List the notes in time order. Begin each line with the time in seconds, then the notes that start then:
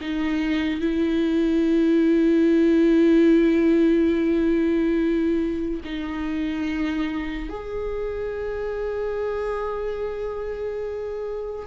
0.00 D#4
0.80 E4
5.84 D#4
7.49 G#4